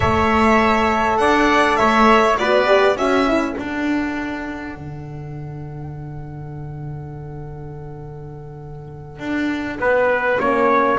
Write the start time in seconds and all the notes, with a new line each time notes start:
0.00 A3 A4 C#5 E5
1.17 D4 D5 F#5
1.75 A3 C#5 E5
2.37 B3 F#4 B4 D5
2.66 G4
2.95 C#4 F#4 A4 E5
3.27 E4
3.57 D4 F#5
4.75 D3
9.19 D4
9.79 B3 B4
10.39 A#3 C#4 C#5